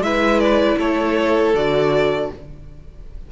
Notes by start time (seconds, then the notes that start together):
0.00 G#3 E4 B4 E5
0.40 D5
0.78 A3 A4 C#5
1.53 D3 F#4 D5